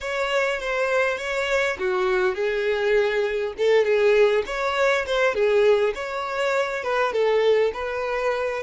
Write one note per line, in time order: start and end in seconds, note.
0.01 0.60 C#5
0.60 1.18 C5
1.18 1.77 C#5
1.78 2.34 F#4
2.34 3.53 G#4
3.57 3.84 A4
3.84 4.43 G#4
4.46 5.05 C#5
5.06 5.34 C5
5.34 5.93 G#4
5.94 6.83 C#5
6.83 7.12 B4
7.12 7.72 A4
7.73 8.62 B4